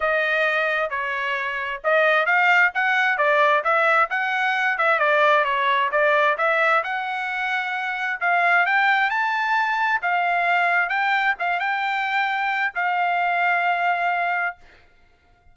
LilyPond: \new Staff \with { instrumentName = "trumpet" } { \time 4/4 \tempo 4 = 132 dis''2 cis''2 | dis''4 f''4 fis''4 d''4 | e''4 fis''4. e''8 d''4 | cis''4 d''4 e''4 fis''4~ |
fis''2 f''4 g''4 | a''2 f''2 | g''4 f''8 g''2~ g''8 | f''1 | }